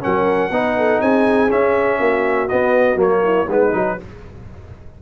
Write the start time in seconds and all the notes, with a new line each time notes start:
0.00 F#3 C#4 A#4 F#5
0.50 B3 D#4 B4
0.77 A4
1.01 C4 G#4 G#5
1.49 C#4 E5
1.98 A#3 F#4
2.48 B3 D#5
2.95 F#3 A#3 C#5
3.23 E4
3.48 G#3 B3 D#4 B4
3.73 F#3 D#4